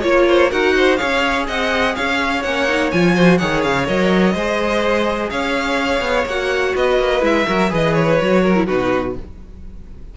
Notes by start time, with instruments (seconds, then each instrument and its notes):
0.00 cello A#3, viola F4, violin C#5
0.28 violin C5
0.50 cello D#4, viola F#4, violin A#4 F#5
0.76 violin C5
0.96 cello C#4, viola G#4, violin C#5 F5
1.47 cello C4, violin D#5 F#5
1.95 cello C#4, violin C#5 F5
2.42 cello A#3, viola C#4, violin F#5
2.68 viola D#4
2.91 cello F3, viola F4, violin G#5
3.14 viola F#4, violin C5
3.37 cello D#3, viola G#4, violin C#5 F#5
3.62 cello C#3, violin F5
3.86 cello F#3, viola A#4, violin D#5
4.33 cello G#3, viola G#4, violin C5
5.29 cello C#4, violin C#5 F5
6.00 cello B3
6.25 cello A#3, viola F#4, violin F#5
6.75 cello B3, violin B4 D#5
6.99 cello A#3
7.20 cello G#3, viola E4, violin E5
7.46 cello F#3, viola F#4, violin A#4
7.69 cello E3, viola G#4, violin B4 D#5
7.93 violin C#5
8.20 cello F#3, viola F#4
8.42 violin A#4
8.55 viola E4
8.66 cello B2, viola D#4, violin F#4 B4